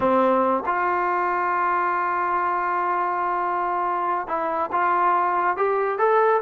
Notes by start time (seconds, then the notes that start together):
0.00 C4
0.65 F4
4.27 E4
4.72 F4
5.57 G4
5.98 A4